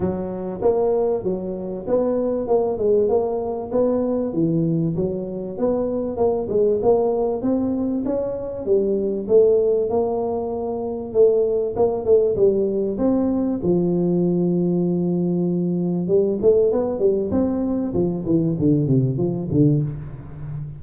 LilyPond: \new Staff \with { instrumentName = "tuba" } { \time 4/4 \tempo 4 = 97 fis4 ais4 fis4 b4 | ais8 gis8 ais4 b4 e4 | fis4 b4 ais8 gis8 ais4 | c'4 cis'4 g4 a4 |
ais2 a4 ais8 a8 | g4 c'4 f2~ | f2 g8 a8 b8 g8 | c'4 f8 e8 d8 c8 f8 d8 | }